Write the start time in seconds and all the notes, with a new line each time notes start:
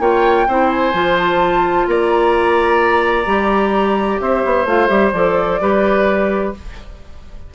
0.00 A#3 F4 C#5 G5
0.48 C4 E4 C5
0.70 G#5
0.94 F3 F4
1.19 A5
1.88 A#3 D5 A#5
3.26 G3 G4
4.21 C4 C5 E5
4.45 B3
4.66 A3 F4 F5
4.88 G3 G4 E5
5.13 F3 A4 D5
5.61 G3 G4 B4